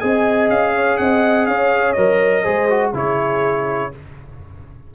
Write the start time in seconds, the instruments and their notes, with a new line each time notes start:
0.00 tuba C4, trombone G#4, horn D#5, trumpet G#5
0.50 tuba C#4, trumpet F5
0.76 horn C#5
0.98 tuba C4, horn D#5, trumpet F#5
1.47 tuba C#4, horn C#5, trumpet F5
1.93 tuba F#3, trombone A#4, trumpet D#5
2.43 tuba G#3, trombone G#4, horn C5
2.71 trombone F#4
2.94 tuba C#3, trombone E4, horn G#4, trumpet C#5